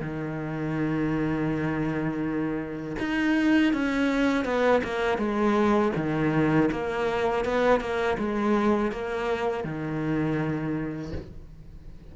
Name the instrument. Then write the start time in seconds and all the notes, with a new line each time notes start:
cello
0.00 D#3
2.99 D#4
3.73 C#4
4.44 B3
4.84 A#3
5.18 G#3
5.96 D#3
6.71 A#3
7.44 B3
7.80 A#3
8.18 G#3
8.92 A#3
9.64 D#3